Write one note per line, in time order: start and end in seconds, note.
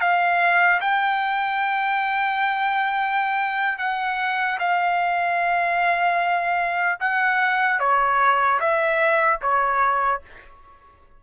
0.00 0.80 F5
0.80 3.78 G5
3.78 4.58 F#5
4.59 6.99 F5
7.00 7.79 F#5
7.79 8.59 C#5
8.60 9.40 E5
9.41 10.21 C#5